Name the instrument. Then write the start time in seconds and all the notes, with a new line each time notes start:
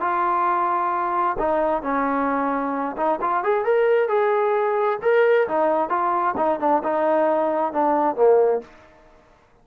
trombone
0.00 F4
1.39 D#4
1.82 C#4
2.96 D#4
3.21 F4
3.43 G#4
3.64 A#4
4.08 G#4
5.02 A#4
5.48 D#4
5.89 F4
6.37 D#4
6.60 D4
6.83 D#4
7.73 D4
8.15 A#3